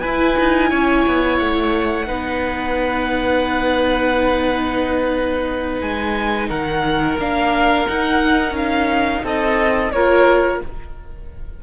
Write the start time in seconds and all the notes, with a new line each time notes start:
0.00 E4 B4 G#5
0.39 D#4
0.70 C#4 C#5
1.06 B3
1.38 A3 F#5
2.06 B3 D#4 B4
5.81 G#3 G#5
6.49 D#3 A#4 F#5
7.17 A#3 D4 F5
7.87 D#4 F#5
8.51 C#4 F5
9.24 C4 A4 D#5
9.92 A#3 F4 A#4 C#5